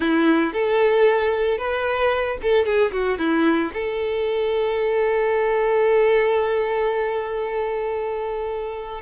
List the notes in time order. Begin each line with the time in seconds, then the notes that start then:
0.00 E4
0.53 A4
1.58 B4
2.42 A4
2.65 G#4
2.92 F#4
3.18 E4
3.73 A4